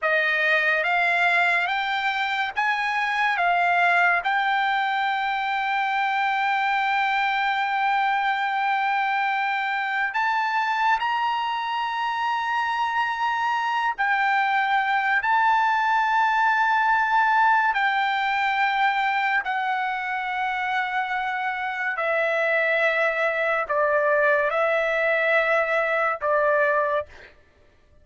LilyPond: \new Staff \with { instrumentName = "trumpet" } { \time 4/4 \tempo 4 = 71 dis''4 f''4 g''4 gis''4 | f''4 g''2.~ | g''1 | a''4 ais''2.~ |
ais''8 g''4. a''2~ | a''4 g''2 fis''4~ | fis''2 e''2 | d''4 e''2 d''4 | }